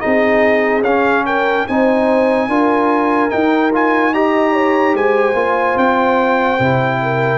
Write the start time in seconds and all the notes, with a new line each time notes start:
0.00 C4 D#4 G#4 D#5
0.80 C#4 F5
0.86 C#4
1.26 A#4 G5
1.67 C4 D#4 C5 G#5
2.48 D4 F4 A#4
3.30 D#4 G5
3.73 F4 G#5
4.14 G4 D#5 A#5
4.53 C#5
4.94 G#3 C5 G#5
5.34 A#3 F4
5.76 C4 G5
6.59 C3 E4
7.02 A#4